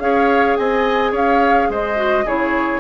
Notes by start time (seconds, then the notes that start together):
0.00 C#4 G#4 C#5 F5
0.57 C4 D#5 G#5
1.12 C#4 C#5 F5
1.69 G#3 C5 D#5
1.96 F#4
2.25 C#3 E4 G#4 C#5